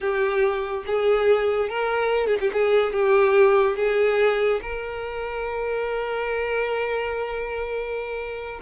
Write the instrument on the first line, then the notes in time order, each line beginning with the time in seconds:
violin
0.00 G4
0.86 G#4
1.69 A#4
2.26 G#4
2.40 G4
2.53 G#4
2.92 G4
3.76 G#4
4.62 A#4